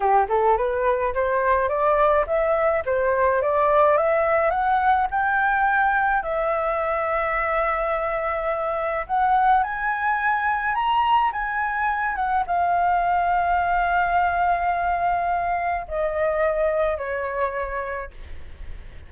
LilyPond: \new Staff \with { instrumentName = "flute" } { \time 4/4 \tempo 4 = 106 g'8 a'8 b'4 c''4 d''4 | e''4 c''4 d''4 e''4 | fis''4 g''2 e''4~ | e''1 |
fis''4 gis''2 ais''4 | gis''4. fis''8 f''2~ | f''1 | dis''2 cis''2 | }